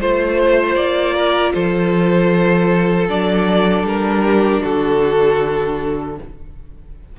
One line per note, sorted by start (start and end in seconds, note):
0.00 0.76 A3
0.00 3.08 F4
0.00 1.14 C5
0.00 0.75 C5
0.75 1.53 A#3
0.75 1.52 D5
1.14 1.52 A#4
1.54 3.09 F3
1.54 4.24 A4
1.54 3.07 C5
3.08 3.83 F#3
3.08 6.15 D4
3.08 3.86 D5
3.83 4.60 G3
3.83 4.63 A#4
4.25 4.63 G4
4.63 6.19 D3
4.63 6.17 F#4
4.63 6.17 A4